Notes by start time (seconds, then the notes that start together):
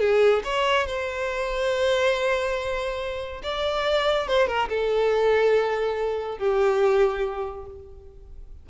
0.00 G#4
0.44 C#5
0.87 C5
3.43 D5
4.28 C5
4.47 A#4
4.69 A4
6.38 G4